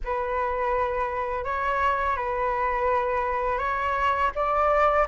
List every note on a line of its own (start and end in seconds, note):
0.04 1.44 B4
1.44 2.16 C#5
2.16 3.58 B4
3.58 4.30 C#5
4.35 5.07 D5